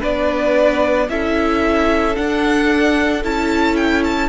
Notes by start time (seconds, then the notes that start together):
0.00 B3 D4 B4 D5
1.08 C#4 E4 A4 E5
2.15 D4 F#5
3.23 C#4 E4 A5
3.76 G5
4.04 A5